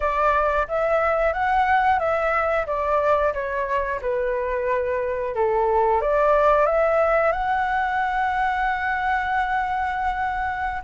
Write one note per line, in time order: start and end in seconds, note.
0.00 0.67 D5
0.68 1.33 E5
1.33 1.99 F#5
1.99 2.65 E5
2.66 3.33 D5
3.33 4.00 C#5
4.01 5.34 B4
5.34 6.01 A4
6.01 6.65 D5
6.65 7.32 E5
7.32 10.82 F#5